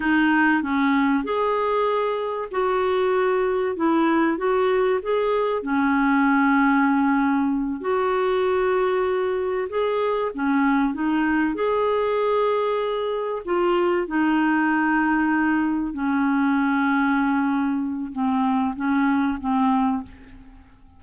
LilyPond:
\new Staff \with { instrumentName = "clarinet" } { \time 4/4 \tempo 4 = 96 dis'4 cis'4 gis'2 | fis'2 e'4 fis'4 | gis'4 cis'2.~ | cis'8 fis'2. gis'8~ |
gis'8 cis'4 dis'4 gis'4.~ | gis'4. f'4 dis'4.~ | dis'4. cis'2~ cis'8~ | cis'4 c'4 cis'4 c'4 | }